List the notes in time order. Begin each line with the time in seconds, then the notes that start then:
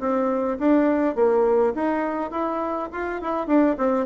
0.00 C4
0.59 D4
1.16 A#3
1.75 D#4
2.31 E4
2.92 F4
3.21 E4
3.47 D4
3.78 C4